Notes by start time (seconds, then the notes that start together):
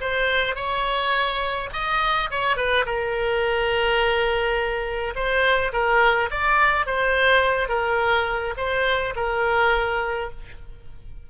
0.00 C5
0.55 C#5
1.72 D#5
2.30 C#5
2.56 B4
2.85 A#4
5.15 C5
5.72 A#4
6.30 D5
6.86 C5
7.68 A#4
8.57 C5
9.16 A#4